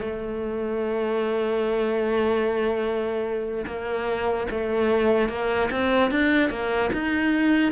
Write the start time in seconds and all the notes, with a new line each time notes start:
0.00 A3
3.66 A#3
4.51 A3
5.29 A#3
5.71 C4
6.11 D4
6.50 A#3
6.93 D#4